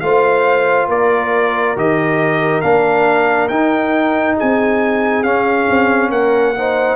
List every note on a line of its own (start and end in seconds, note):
0.00 0.88 A3
0.00 1.76 F4
0.00 0.88 C5
0.00 0.87 F5
0.88 1.75 A#3
0.88 4.36 A#4
0.88 1.77 D5
1.76 2.64 D#3
1.76 2.63 G4
1.76 2.61 D#5
2.61 3.50 A#3
2.61 3.50 D4
2.61 3.48 F5
3.49 4.37 D#4
3.49 5.24 D#4
3.49 4.36 G5
4.37 5.24 C4
4.37 6.11 G#4
4.37 5.23 G#5
5.23 5.68 C#4
5.23 6.55 C#4
5.23 6.10 F5
5.70 6.09 C4
6.09 6.96 A#3
6.09 6.55 A#4
6.09 6.96 F#5
6.55 6.96 D#4
6.55 6.96 C5